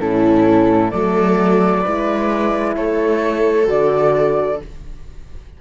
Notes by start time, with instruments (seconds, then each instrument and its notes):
0.00 cello A2, horn C#4, viola E4, flute A4
0.91 cello F#3, horn A3, viola A4, flute D5
1.82 cello G#3, horn E4, viola B4
2.76 cello A3, viola A4, flute C#5
3.66 cello D3, horn F#4, flute D5